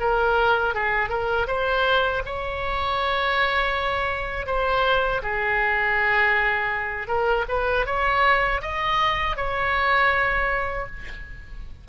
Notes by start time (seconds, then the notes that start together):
0.00 A#4
0.74 G#4
1.09 A#4
1.47 C5
2.26 C#5
4.47 C5
5.22 G#4
7.08 A#4
7.49 B4
7.86 C#5
8.62 D#5
9.36 C#5